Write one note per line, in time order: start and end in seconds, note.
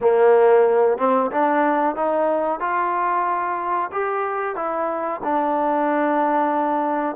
0.01 0.98 A#3
0.98 1.30 C4
1.31 1.95 D4
1.95 2.60 D#4
2.60 3.90 F4
3.91 4.55 G4
4.55 5.20 E4
5.24 7.16 D4